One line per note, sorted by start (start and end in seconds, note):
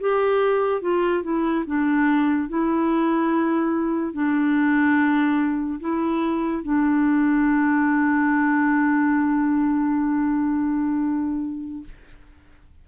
0.00 0.81 G4
0.81 1.23 F4
1.23 1.65 E4
1.66 2.48 D4
2.48 4.13 E4
4.13 5.80 D4
5.80 6.63 E4
6.63 11.84 D4